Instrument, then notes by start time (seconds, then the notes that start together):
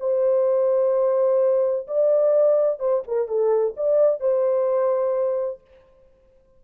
horn
0.00 C5
1.88 D5
2.80 C5
3.07 A#4
3.28 A4
3.77 D5
4.20 C5